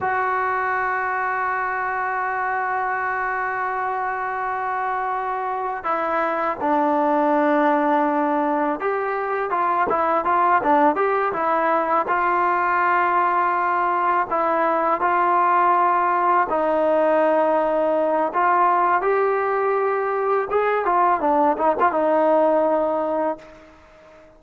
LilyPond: \new Staff \with { instrumentName = "trombone" } { \time 4/4 \tempo 4 = 82 fis'1~ | fis'1 | e'4 d'2. | g'4 f'8 e'8 f'8 d'8 g'8 e'8~ |
e'8 f'2. e'8~ | e'8 f'2 dis'4.~ | dis'4 f'4 g'2 | gis'8 f'8 d'8 dis'16 f'16 dis'2 | }